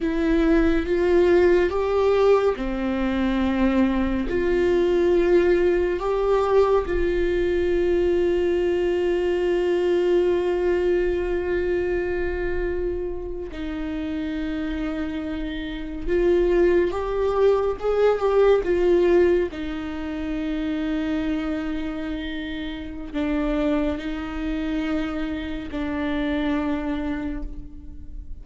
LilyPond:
\new Staff \with { instrumentName = "viola" } { \time 4/4 \tempo 4 = 70 e'4 f'4 g'4 c'4~ | c'4 f'2 g'4 | f'1~ | f'2.~ f'8. dis'16~ |
dis'2~ dis'8. f'4 g'16~ | g'8. gis'8 g'8 f'4 dis'4~ dis'16~ | dis'2. d'4 | dis'2 d'2 | }